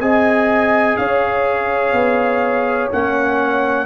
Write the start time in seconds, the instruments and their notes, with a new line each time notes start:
0.00 tuba C4, trombone G#4, horn D#5, trumpet G#5
0.97 tuba C#4, horn C#5, trumpet F5
1.93 tuba B3
2.92 tuba A#3, trombone C#4, trumpet F#5